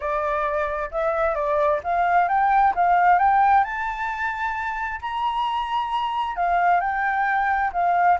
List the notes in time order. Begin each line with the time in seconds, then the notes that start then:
0.00 D5
0.91 E5
1.35 D5
1.83 F5
2.28 G5
2.75 F5
3.19 G5
3.64 A5
5.01 A#5
6.36 F5
6.80 G5
7.73 F5